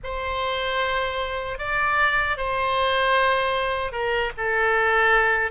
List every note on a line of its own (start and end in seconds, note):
0.03 1.58 C5
1.58 2.37 D5
2.37 3.92 C5
3.92 4.31 A#4
4.37 5.51 A4